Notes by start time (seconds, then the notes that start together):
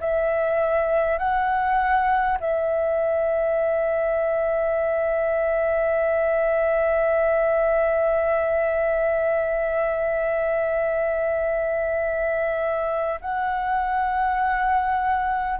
0.00 E5
1.18 F#5
2.40 E5
13.21 F#5